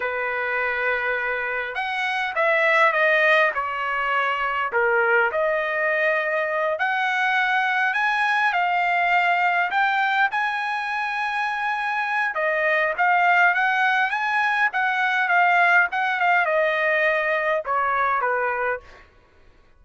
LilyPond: \new Staff \with { instrumentName = "trumpet" } { \time 4/4 \tempo 4 = 102 b'2. fis''4 | e''4 dis''4 cis''2 | ais'4 dis''2~ dis''8 fis''8~ | fis''4. gis''4 f''4.~ |
f''8 g''4 gis''2~ gis''8~ | gis''4 dis''4 f''4 fis''4 | gis''4 fis''4 f''4 fis''8 f''8 | dis''2 cis''4 b'4 | }